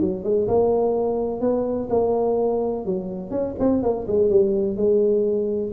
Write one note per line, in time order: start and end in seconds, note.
0.00 0.24 F#3
0.24 0.47 G#3
0.48 1.41 A#3
1.41 1.88 B3
1.90 2.85 A#3
2.85 3.31 F#3
3.31 3.54 C#4
3.59 3.82 C4
3.82 4.06 A#3
4.07 4.30 G#3
4.30 4.76 G3
4.76 5.72 G#3